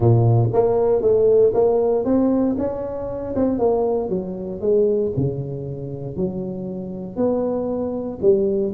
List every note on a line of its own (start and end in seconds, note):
0.00 0.49 A#2
0.53 1.01 A#3
1.01 1.52 A3
1.54 2.04 A#3
2.04 2.55 C4
2.58 3.34 C#4
3.35 3.58 C4
3.58 4.09 A#3
4.09 4.60 F#3
4.60 5.11 G#3
5.16 6.16 C#3
6.16 7.16 F#3
7.16 8.19 B3
8.21 8.72 G3